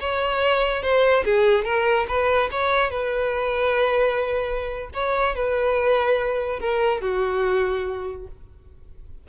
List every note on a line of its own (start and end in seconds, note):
0.00 0.82 C#5
0.82 1.24 C5
1.25 1.65 G#4
1.65 2.07 A#4
2.08 2.50 B4
2.51 2.90 C#5
2.90 4.90 B4
4.94 5.35 C#5
5.35 6.60 B4
6.60 7.01 A#4
7.01 8.27 F#4